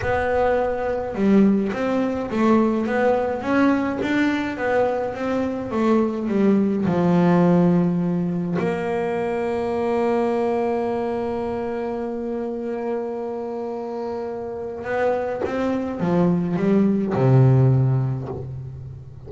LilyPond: \new Staff \with { instrumentName = "double bass" } { \time 4/4 \tempo 4 = 105 b2 g4 c'4 | a4 b4 cis'4 d'4 | b4 c'4 a4 g4 | f2. ais4~ |
ais1~ | ais1~ | ais2 b4 c'4 | f4 g4 c2 | }